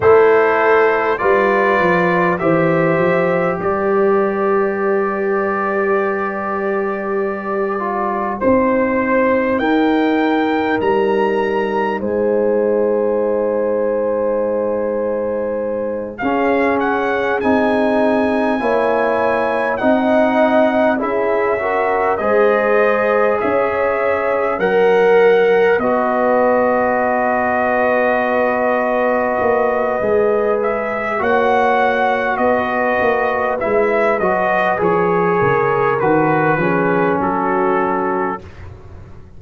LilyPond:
<<
  \new Staff \with { instrumentName = "trumpet" } { \time 4/4 \tempo 4 = 50 c''4 d''4 e''4 d''4~ | d''2. c''4 | g''4 ais''4 gis''2~ | gis''4. f''8 fis''8 gis''4.~ |
gis''8 fis''4 e''4 dis''4 e''8~ | e''8 fis''4 dis''2~ dis''8~ | dis''4. e''8 fis''4 dis''4 | e''8 dis''8 cis''4 b'4 a'4 | }
  \new Staff \with { instrumentName = "horn" } { \time 4/4 a'4 b'4 c''4 b'4~ | b'2. c''4 | ais'2 c''2~ | c''4. gis'2 cis''8~ |
cis''8 dis''4 gis'8 ais'8 c''4 cis''8~ | cis''8 ais'4 b'2~ b'8~ | b'2 cis''4 b'4~ | b'4. ais'4 gis'8 fis'4 | }
  \new Staff \with { instrumentName = "trombone" } { \time 4/4 e'4 f'4 g'2~ | g'2~ g'8 f'8 dis'4~ | dis'1~ | dis'4. cis'4 dis'4 e'8~ |
e'8 dis'4 e'8 fis'8 gis'4.~ | gis'8 ais'4 fis'2~ fis'8~ | fis'4 gis'4 fis'2 | e'8 fis'8 gis'4 fis'8 cis'4. | }
  \new Staff \with { instrumentName = "tuba" } { \time 4/4 a4 g8 f8 e8 f8 g4~ | g2. c'4 | dis'4 g4 gis2~ | gis4. cis'4 c'4 ais8~ |
ais8 c'4 cis'4 gis4 cis'8~ | cis'8 fis4 b2~ b8~ | b8 ais8 gis4 ais4 b8 ais8 | gis8 fis8 f8 cis8 dis8 f8 fis4 | }
>>